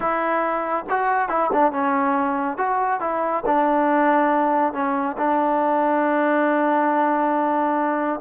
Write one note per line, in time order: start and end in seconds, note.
0.00 0.85 E4
0.89 1.29 F#4
1.29 1.50 E4
1.52 1.72 D4
1.72 2.57 C#4
2.57 3.00 F#4
3.00 3.43 E4
3.46 4.73 D4
4.73 5.16 C#4
5.17 8.20 D4